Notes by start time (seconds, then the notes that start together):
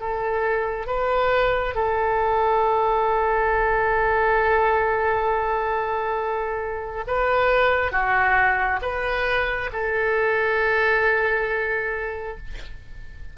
0.00 A4
0.87 B4
1.75 A4
7.07 B4
7.92 F#4
8.82 B4
9.73 A4